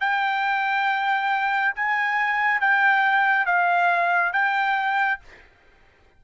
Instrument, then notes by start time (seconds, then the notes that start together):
trumpet
0.00 G5
1.75 G#5
2.60 G5
3.45 F5
4.32 G5